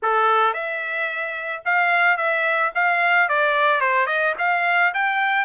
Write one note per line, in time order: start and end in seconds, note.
0.02 0.53 A4
0.53 1.62 E5
1.65 2.17 F5
2.17 2.71 E5
2.74 3.28 F5
3.28 3.80 D5
3.80 4.06 C5
4.06 4.33 D#5
4.38 4.93 F5
4.93 5.45 G5